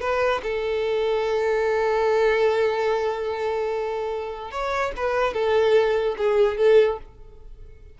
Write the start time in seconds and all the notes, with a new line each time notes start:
0.00 B4
0.42 A4
4.51 C#5
4.96 B4
5.33 A4
6.18 G#4
6.57 A4